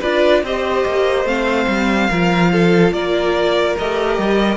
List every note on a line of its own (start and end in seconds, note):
0.00 0.43 D4
0.00 0.44 F4
0.00 0.42 B4
0.00 0.43 D5
0.43 0.85 C4
0.43 1.26 G4
0.43 2.10 C5
0.43 1.27 D#5
0.86 1.24 A#3
1.24 1.66 A3
1.24 2.09 C4
1.24 2.93 F5
1.67 2.09 G3
2.10 2.92 F3
2.10 3.78 F4
2.10 2.51 A#4
2.52 2.93 A4
2.92 3.75 A#3
2.92 4.57 A#4
2.92 3.76 D5
3.78 4.18 A3
3.78 4.57 G4
3.78 4.57 D#5
4.18 4.57 G3